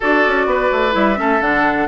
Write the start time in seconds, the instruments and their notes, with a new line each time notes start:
0.00 bassoon D4, clarinet F#4, oboe A4, flute D5
0.26 bassoon C#4
0.46 bassoon B3, oboe B4
0.72 bassoon A3
0.91 bassoon G3, clarinet E4, flute E5
1.16 bassoon A3, clarinet C#4, oboe A4
1.40 bassoon D3, clarinet D4, flute F#5